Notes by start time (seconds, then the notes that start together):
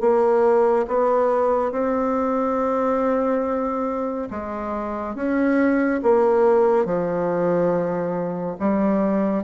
0.00 A#3
0.87 B3
1.71 C4
4.30 G#3
5.15 C#4
6.02 A#3
6.85 F3
8.59 G3